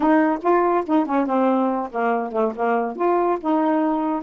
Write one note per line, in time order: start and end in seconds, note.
0.00 0.39 D#4
0.41 0.84 F4
0.86 1.05 D#4
1.05 1.26 C#4
1.26 1.89 C4
1.91 2.31 A#3
2.31 2.53 A3
2.55 2.96 A#3
2.96 3.38 F4
3.41 4.22 D#4